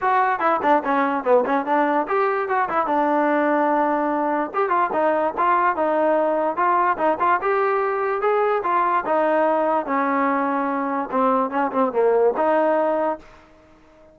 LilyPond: \new Staff \with { instrumentName = "trombone" } { \time 4/4 \tempo 4 = 146 fis'4 e'8 d'8 cis'4 b8 cis'8 | d'4 g'4 fis'8 e'8 d'4~ | d'2. g'8 f'8 | dis'4 f'4 dis'2 |
f'4 dis'8 f'8 g'2 | gis'4 f'4 dis'2 | cis'2. c'4 | cis'8 c'8 ais4 dis'2 | }